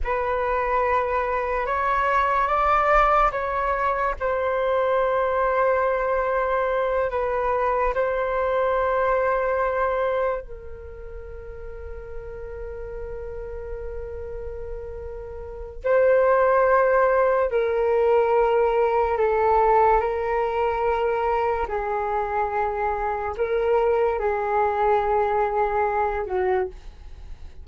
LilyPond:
\new Staff \with { instrumentName = "flute" } { \time 4/4 \tempo 4 = 72 b'2 cis''4 d''4 | cis''4 c''2.~ | c''8 b'4 c''2~ c''8~ | c''8 ais'2.~ ais'8~ |
ais'2. c''4~ | c''4 ais'2 a'4 | ais'2 gis'2 | ais'4 gis'2~ gis'8 fis'8 | }